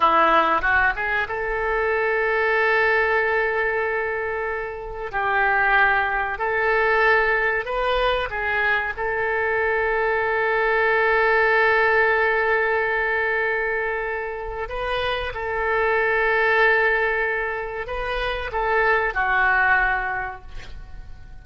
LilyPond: \new Staff \with { instrumentName = "oboe" } { \time 4/4 \tempo 4 = 94 e'4 fis'8 gis'8 a'2~ | a'1 | g'2 a'2 | b'4 gis'4 a'2~ |
a'1~ | a'2. b'4 | a'1 | b'4 a'4 fis'2 | }